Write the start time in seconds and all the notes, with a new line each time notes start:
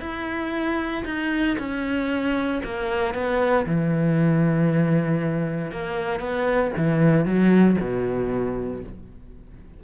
0.00 E4
1.05 D#4
1.58 C#4
2.64 A#3
3.14 B3
3.66 E3
5.71 A#3
6.20 B3
6.76 E3
7.25 F#3
7.80 B2